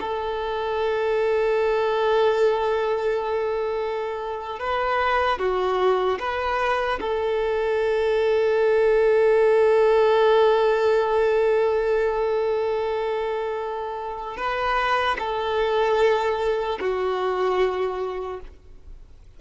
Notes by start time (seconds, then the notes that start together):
0.00 A4
4.59 B4
5.39 F#4
6.19 B4
7.00 A4
14.37 B4
15.19 A4
16.80 F#4